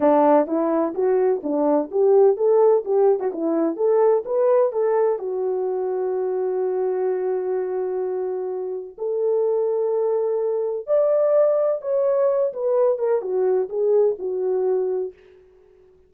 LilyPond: \new Staff \with { instrumentName = "horn" } { \time 4/4 \tempo 4 = 127 d'4 e'4 fis'4 d'4 | g'4 a'4 g'8. fis'16 e'4 | a'4 b'4 a'4 fis'4~ | fis'1~ |
fis'2. a'4~ | a'2. d''4~ | d''4 cis''4. b'4 ais'8 | fis'4 gis'4 fis'2 | }